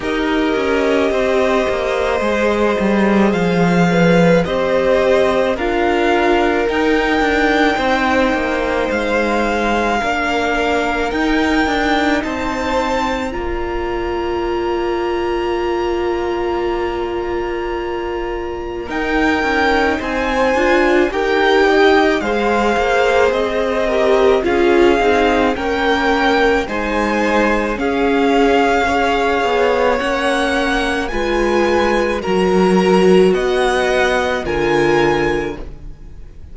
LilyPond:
<<
  \new Staff \with { instrumentName = "violin" } { \time 4/4 \tempo 4 = 54 dis''2. f''4 | dis''4 f''4 g''2 | f''2 g''4 a''4 | ais''1~ |
ais''4 g''4 gis''4 g''4 | f''4 dis''4 f''4 g''4 | gis''4 f''2 fis''4 | gis''4 ais''4 fis''4 gis''4 | }
  \new Staff \with { instrumentName = "violin" } { \time 4/4 ais'4 c''2~ c''8 b'8 | c''4 ais'2 c''4~ | c''4 ais'2 c''4 | d''1~ |
d''4 ais'4 c''4 ais'8 dis''8 | c''4. ais'8 gis'4 ais'4 | c''4 gis'4 cis''2 | b'4 ais'4 dis''4 ais'4 | }
  \new Staff \with { instrumentName = "viola" } { \time 4/4 g'2 gis'2 | g'4 f'4 dis'2~ | dis'4 d'4 dis'2 | f'1~ |
f'4 dis'4. f'8 g'4 | gis'4. g'8 f'8 dis'8 cis'4 | dis'4 cis'4 gis'4 cis'4 | f'4 fis'2 f'4 | }
  \new Staff \with { instrumentName = "cello" } { \time 4/4 dis'8 cis'8 c'8 ais8 gis8 g8 f4 | c'4 d'4 dis'8 d'8 c'8 ais8 | gis4 ais4 dis'8 d'8 c'4 | ais1~ |
ais4 dis'8 cis'8 c'8 d'8 dis'4 | gis8 ais8 c'4 cis'8 c'8 ais4 | gis4 cis'4. b8 ais4 | gis4 fis4 b4 d4 | }
>>